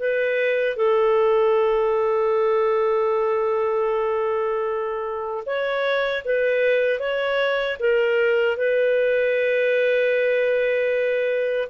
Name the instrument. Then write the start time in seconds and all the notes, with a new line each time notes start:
clarinet
0.00 B4
0.77 A4
5.46 C#5
6.25 B4
7.00 C#5
7.80 A#4
8.57 B4